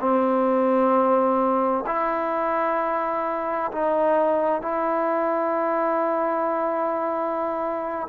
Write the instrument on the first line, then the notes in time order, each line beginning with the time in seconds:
trombone
0.00 C4
1.86 E4
3.72 D#4
4.62 E4